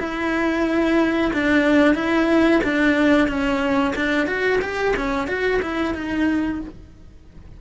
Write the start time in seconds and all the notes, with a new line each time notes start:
0.00 E4
1.33 D4
1.95 E4
2.64 D4
3.28 C#4
3.96 D4
4.27 F#4
4.62 G4
4.97 C#4
5.28 F#4
5.63 E4
5.95 D#4